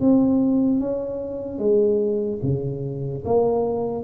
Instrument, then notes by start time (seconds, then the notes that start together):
tuba
0.00 C4
0.80 C#4
1.58 G#3
2.43 C#3
3.25 A#3